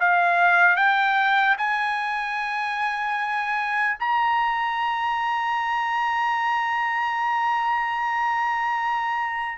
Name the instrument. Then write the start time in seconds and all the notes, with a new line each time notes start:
trumpet
0.00 F5
0.76 G5
1.58 G#5
3.99 A#5